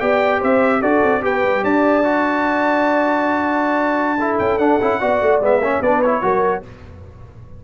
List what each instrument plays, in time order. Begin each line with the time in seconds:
0.00 tuba B3, trombone G4, horn D5, trumpet G5
0.40 tuba C4, horn C5, trumpet E5
0.81 tuba D4, trombone F#4, horn A4, trumpet D5
1.03 tuba C4
1.22 tuba B3, trombone G4, horn B4, trumpet G5
1.43 tuba G3
1.63 tuba D4, horn D5, trumpet A5
2.04 trombone F#4
4.19 trombone E4, horn A4
4.39 tuba C#4, trumpet G5
4.58 tuba D4, trombone D4, trumpet F#5
4.81 tuba C#4, trombone E4
5.00 tuba B3, trombone F#4, horn D5
5.22 tuba A3
5.41 tuba G#3, trombone B3, trumpet E5
5.59 tuba A#3, trombone C#4, horn C#5
5.81 tuba B3, trombone D4, horn B4, trumpet D5
6.02 trombone E4, trumpet C#5
6.22 tuba F#3, trombone F#4, horn A#4